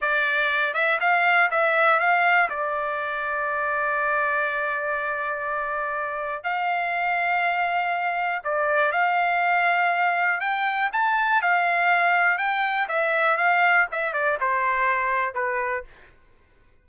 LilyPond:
\new Staff \with { instrumentName = "trumpet" } { \time 4/4 \tempo 4 = 121 d''4. e''8 f''4 e''4 | f''4 d''2.~ | d''1~ | d''4 f''2.~ |
f''4 d''4 f''2~ | f''4 g''4 a''4 f''4~ | f''4 g''4 e''4 f''4 | e''8 d''8 c''2 b'4 | }